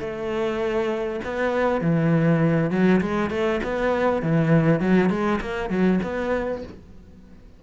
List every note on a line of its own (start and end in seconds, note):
0.00 1.20 A3
1.24 1.81 B3
1.81 2.70 E3
2.70 3.00 F#3
3.01 3.30 G#3
3.30 3.60 A3
3.63 4.22 B3
4.22 4.80 E3
4.80 5.10 F#3
5.10 5.40 G#3
5.41 5.70 A#3
5.70 6.00 F#3
6.03 6.63 B3